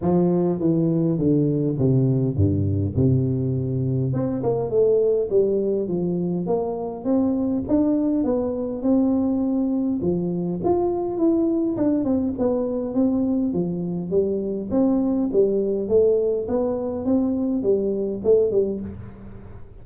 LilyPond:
\new Staff \with { instrumentName = "tuba" } { \time 4/4 \tempo 4 = 102 f4 e4 d4 c4 | g,4 c2 c'8 ais8 | a4 g4 f4 ais4 | c'4 d'4 b4 c'4~ |
c'4 f4 f'4 e'4 | d'8 c'8 b4 c'4 f4 | g4 c'4 g4 a4 | b4 c'4 g4 a8 g8 | }